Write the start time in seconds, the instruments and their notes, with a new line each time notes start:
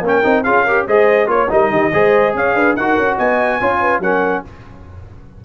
0.00 tuba A#3, trombone C#4, horn A#4
0.07 trumpet G5
0.23 tuba C4, trombone D#4
0.43 tuba C#4, trombone F4, horn G#4, trumpet F5
0.64 trombone G4, horn A#4
0.86 tuba G#3, trombone G#4, horn C5, trumpet D#5
1.26 tuba A#3, trombone F4, trumpet C#5, horn C#5
1.49 tuba G3, trombone D#4, horn A#4, trumpet D#5
1.70 tuba D#3, horn G4
1.93 tuba G#3, trombone G#4, horn C5
2.34 tuba C#4, horn C#5, trumpet F5
2.54 tuba D4, horn B4
2.75 tuba D#4, trombone F#4, horn A#4, trumpet F#5
2.96 tuba C#4
3.16 tuba B3, horn D#5, trumpet G#5
3.59 tuba C#4, trombone F4, horn C#5
3.80 horn B4
3.99 tuba F#3, trombone C#4, horn A#4, trumpet F#5